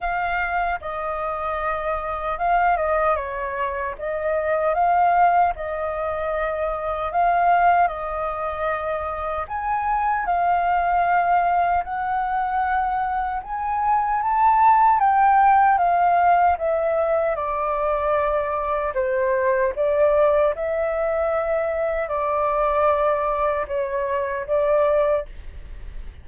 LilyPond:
\new Staff \with { instrumentName = "flute" } { \time 4/4 \tempo 4 = 76 f''4 dis''2 f''8 dis''8 | cis''4 dis''4 f''4 dis''4~ | dis''4 f''4 dis''2 | gis''4 f''2 fis''4~ |
fis''4 gis''4 a''4 g''4 | f''4 e''4 d''2 | c''4 d''4 e''2 | d''2 cis''4 d''4 | }